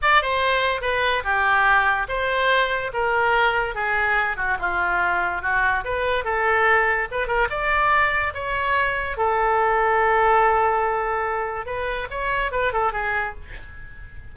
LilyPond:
\new Staff \with { instrumentName = "oboe" } { \time 4/4 \tempo 4 = 144 d''8 c''4. b'4 g'4~ | g'4 c''2 ais'4~ | ais'4 gis'4. fis'8 f'4~ | f'4 fis'4 b'4 a'4~ |
a'4 b'8 ais'8 d''2 | cis''2 a'2~ | a'1 | b'4 cis''4 b'8 a'8 gis'4 | }